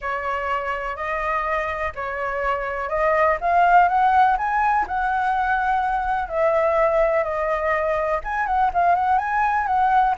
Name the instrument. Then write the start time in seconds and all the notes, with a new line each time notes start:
flute
0.01 C#5
0.96 D#5
1.95 C#5
2.89 D#5
3.40 F5
3.88 F#5
4.37 G#5
4.87 F#5
6.28 E5
7.23 D#5
8.24 G#5
8.46 F#5
8.73 F5
8.95 F#5
9.18 G#5
9.66 F#5